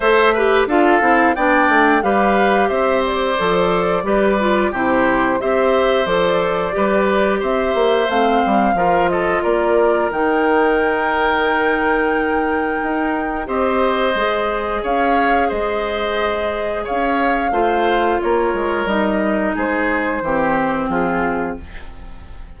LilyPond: <<
  \new Staff \with { instrumentName = "flute" } { \time 4/4 \tempo 4 = 89 e''4 f''4 g''4 f''4 | e''8 d''2~ d''8 c''4 | e''4 d''2 e''4 | f''4. dis''8 d''4 g''4~ |
g''1 | dis''2 f''4 dis''4~ | dis''4 f''2 cis''4 | dis''4 c''2 gis'4 | }
  \new Staff \with { instrumentName = "oboe" } { \time 4/4 c''8 b'8 a'4 d''4 b'4 | c''2 b'4 g'4 | c''2 b'4 c''4~ | c''4 ais'8 a'8 ais'2~ |
ais'1 | c''2 cis''4 c''4~ | c''4 cis''4 c''4 ais'4~ | ais'4 gis'4 g'4 f'4 | }
  \new Staff \with { instrumentName = "clarinet" } { \time 4/4 a'8 g'8 f'8 e'8 d'4 g'4~ | g'4 a'4 g'8 f'8 e'4 | g'4 a'4 g'2 | c'4 f'2 dis'4~ |
dis'1 | g'4 gis'2.~ | gis'2 f'2 | dis'2 c'2 | }
  \new Staff \with { instrumentName = "bassoon" } { \time 4/4 a4 d'8 c'8 b8 a8 g4 | c'4 f4 g4 c4 | c'4 f4 g4 c'8 ais8 | a8 g8 f4 ais4 dis4~ |
dis2. dis'4 | c'4 gis4 cis'4 gis4~ | gis4 cis'4 a4 ais8 gis8 | g4 gis4 e4 f4 | }
>>